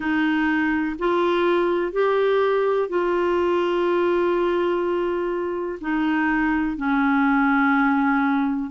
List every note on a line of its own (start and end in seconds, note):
0.00 0.96 D#4
0.99 1.92 F4
1.92 2.88 G4
2.88 5.78 F4
5.80 6.77 D#4
6.77 8.70 C#4